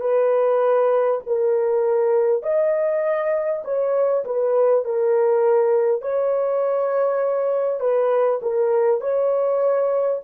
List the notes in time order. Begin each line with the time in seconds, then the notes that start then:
0.00 B4
1.26 A#4
2.43 D#5
3.64 C#5
4.25 B4
4.84 A#4
6.01 C#5
7.79 B4
8.42 A#4
9.01 C#5